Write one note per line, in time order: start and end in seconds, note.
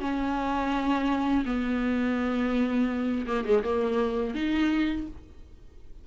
0.00 1.45 C#4
1.45 3.26 B3
3.27 3.45 A#3
3.45 3.63 G#3
3.63 4.34 A#3
4.34 5.07 D#4